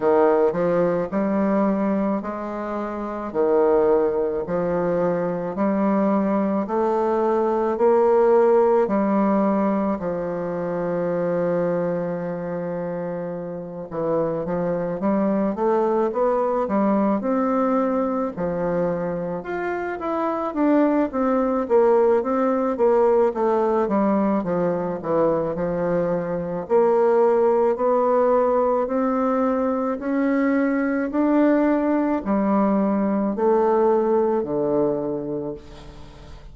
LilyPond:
\new Staff \with { instrumentName = "bassoon" } { \time 4/4 \tempo 4 = 54 dis8 f8 g4 gis4 dis4 | f4 g4 a4 ais4 | g4 f2.~ | f8 e8 f8 g8 a8 b8 g8 c'8~ |
c'8 f4 f'8 e'8 d'8 c'8 ais8 | c'8 ais8 a8 g8 f8 e8 f4 | ais4 b4 c'4 cis'4 | d'4 g4 a4 d4 | }